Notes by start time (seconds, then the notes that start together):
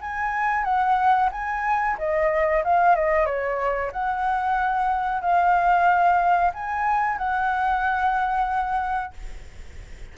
0.00 G#5
0.64 F#5
1.31 G#5
1.98 D#5
2.64 F5
2.95 D#5
3.25 C#5
3.92 F#5
5.21 F5
6.53 G#5
7.17 F#5